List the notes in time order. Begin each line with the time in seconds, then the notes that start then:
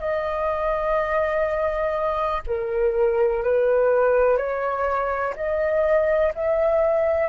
0.00 D#5
2.47 A#4
3.44 B4
4.38 C#5
5.36 D#5
6.35 E5